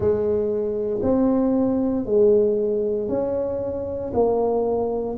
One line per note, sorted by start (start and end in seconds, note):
0.00 1.01 G#3
1.02 2.05 C4
2.05 3.08 G#3
3.08 4.11 C#4
4.13 5.17 A#3